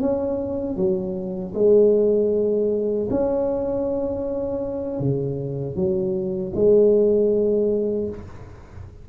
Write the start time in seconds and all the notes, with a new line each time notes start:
0.00 C#4
0.76 F#3
1.54 G#3
3.10 C#4
5.00 C#3
5.75 F#3
6.55 G#3